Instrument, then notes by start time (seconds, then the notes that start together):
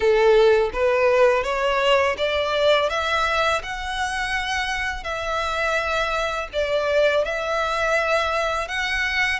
violin
0.00 A4
0.73 B4
1.43 C#5
2.17 D5
2.89 E5
3.62 F#5
5.03 E5
6.52 D5
7.25 E5
8.67 F#5